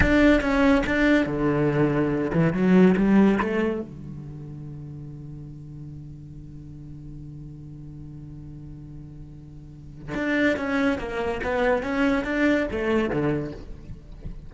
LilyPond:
\new Staff \with { instrumentName = "cello" } { \time 4/4 \tempo 4 = 142 d'4 cis'4 d'4 d4~ | d4. e8 fis4 g4 | a4 d2.~ | d1~ |
d1~ | d1 | d'4 cis'4 ais4 b4 | cis'4 d'4 a4 d4 | }